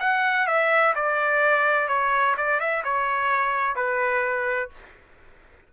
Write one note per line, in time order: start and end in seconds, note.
0.00 0.47 F#5
0.47 0.94 E5
0.95 1.88 D5
1.88 2.35 C#5
2.37 2.60 D5
2.60 2.83 E5
2.84 3.76 C#5
3.76 4.70 B4